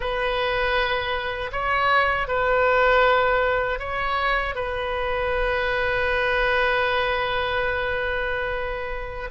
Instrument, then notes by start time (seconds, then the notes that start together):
oboe
0.00 B4
1.52 C#5
2.28 B4
3.79 C#5
4.55 B4